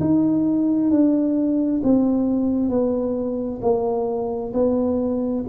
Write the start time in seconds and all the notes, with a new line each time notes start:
0.00 D#4
0.90 D4
1.83 C4
2.69 B3
3.62 A#3
4.54 B3